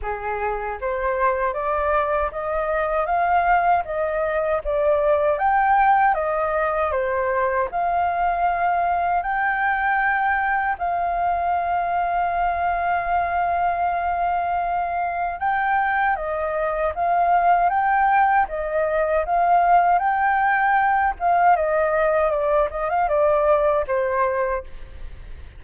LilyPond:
\new Staff \with { instrumentName = "flute" } { \time 4/4 \tempo 4 = 78 gis'4 c''4 d''4 dis''4 | f''4 dis''4 d''4 g''4 | dis''4 c''4 f''2 | g''2 f''2~ |
f''1 | g''4 dis''4 f''4 g''4 | dis''4 f''4 g''4. f''8 | dis''4 d''8 dis''16 f''16 d''4 c''4 | }